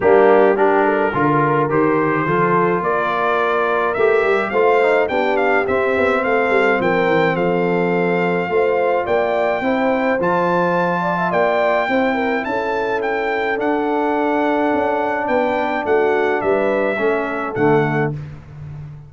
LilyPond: <<
  \new Staff \with { instrumentName = "trumpet" } { \time 4/4 \tempo 4 = 106 g'4 ais'2 c''4~ | c''4 d''2 e''4 | f''4 g''8 f''8 e''4 f''4 | g''4 f''2. |
g''2 a''2 | g''2 a''4 g''4 | fis''2. g''4 | fis''4 e''2 fis''4 | }
  \new Staff \with { instrumentName = "horn" } { \time 4/4 d'4 g'8 a'8 ais'2 | a'4 ais'2. | c''4 g'2 a'4 | ais'4 a'2 c''4 |
d''4 c''2~ c''8 d''16 e''16 | d''4 c''8 ais'8 a'2~ | a'2. b'4 | fis'4 b'4 a'2 | }
  \new Staff \with { instrumentName = "trombone" } { \time 4/4 ais4 d'4 f'4 g'4 | f'2. g'4 | f'8 dis'8 d'4 c'2~ | c'2. f'4~ |
f'4 e'4 f'2~ | f'4 e'2. | d'1~ | d'2 cis'4 a4 | }
  \new Staff \with { instrumentName = "tuba" } { \time 4/4 g2 d4 dis4 | f4 ais2 a8 g8 | a4 b4 c'8 b8 a8 g8 | f8 e8 f2 a4 |
ais4 c'4 f2 | ais4 c'4 cis'2 | d'2 cis'4 b4 | a4 g4 a4 d4 | }
>>